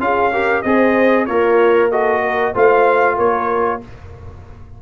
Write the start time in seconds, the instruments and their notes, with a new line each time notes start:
0.00 tuba C#4, trombone F4, horn G#4, trumpet F5
0.32 trombone G4, horn A#4
0.62 tuba C4, trombone G#4, trumpet D#5
0.68 horn C5
1.26 tuba A#3, horn F4, trombone A#4, trumpet C#5
1.90 trombone F#4, horn A4, trumpet D#5
2.22 horn A#4
2.53 tuba A3, trombone F4, horn C5, trumpet F5
3.16 tuba A#3, horn A#4, trumpet C#5